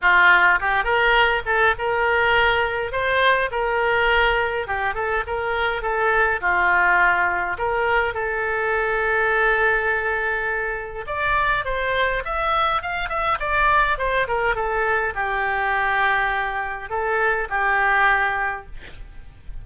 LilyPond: \new Staff \with { instrumentName = "oboe" } { \time 4/4 \tempo 4 = 103 f'4 g'8 ais'4 a'8 ais'4~ | ais'4 c''4 ais'2 | g'8 a'8 ais'4 a'4 f'4~ | f'4 ais'4 a'2~ |
a'2. d''4 | c''4 e''4 f''8 e''8 d''4 | c''8 ais'8 a'4 g'2~ | g'4 a'4 g'2 | }